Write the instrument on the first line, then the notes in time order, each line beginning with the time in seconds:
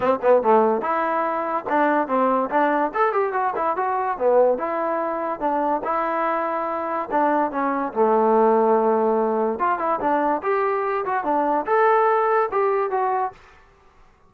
trombone
0.00 C4
0.22 B3
0.42 A3
0.81 E4
1.69 D4
2.07 C4
2.49 D4
2.94 A4
3.12 G4
3.32 F#4
3.55 E4
3.76 F#4
4.18 B3
4.57 E4
5.40 D4
5.84 E4
7.11 D4
7.51 C#4
7.93 A3
9.59 F4
9.79 E4
10.00 D4
10.42 G4
11.05 F#4
11.24 D4
11.66 A4
12.51 G4
12.90 F#4